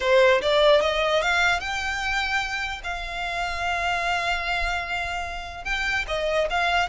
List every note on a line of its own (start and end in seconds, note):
0.00 0.41 C5
0.41 0.81 D5
0.81 1.21 D#5
1.22 1.60 F5
1.60 2.81 G5
2.83 5.64 F5
5.64 6.05 G5
6.07 6.48 D#5
6.50 6.89 F5